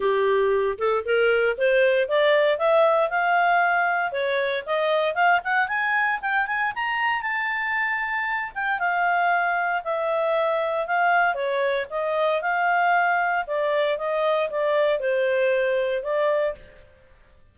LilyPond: \new Staff \with { instrumentName = "clarinet" } { \time 4/4 \tempo 4 = 116 g'4. a'8 ais'4 c''4 | d''4 e''4 f''2 | cis''4 dis''4 f''8 fis''8 gis''4 | g''8 gis''8 ais''4 a''2~ |
a''8 g''8 f''2 e''4~ | e''4 f''4 cis''4 dis''4 | f''2 d''4 dis''4 | d''4 c''2 d''4 | }